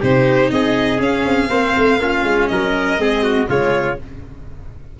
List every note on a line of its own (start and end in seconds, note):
0.00 0.51 C3
0.00 0.98 D#4
0.00 0.50 G4
0.00 0.51 C5
0.51 1.00 C4
0.51 1.49 G#4
0.51 1.00 D#5
0.98 1.47 C#4
0.98 1.25 C#4
0.98 2.48 F5
1.25 1.50 C4
1.49 1.75 A#3
1.49 1.98 C4
1.49 1.99 C5
1.77 1.99 A3
1.99 2.23 A#3
1.99 2.99 C#4
1.99 2.51 F4
2.23 2.48 G#3
2.48 2.98 F#3
2.48 3.01 A#4
2.48 3.47 D#5
2.98 3.47 G#3
2.98 3.47 C4
2.98 3.23 G#4
3.23 3.48 F#4
3.47 3.99 C#3
3.47 3.97 G#3
3.47 3.99 F4
3.47 4.00 C#5